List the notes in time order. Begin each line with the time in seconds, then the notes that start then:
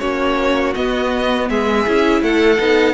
0.00 A#3 C#4 F#4 C#5
0.75 B3 D#5
1.49 G#3 G#4 E5
1.87 C#4 E4
2.22 A3 A4 F#5
2.58 B3 D#4